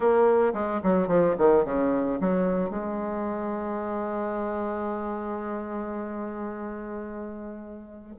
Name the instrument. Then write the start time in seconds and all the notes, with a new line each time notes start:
bassoon
0.00 A#3
0.53 G#3
0.83 F#3
1.07 F3
1.38 D#3
1.64 C#3
2.20 F#3
2.70 G#3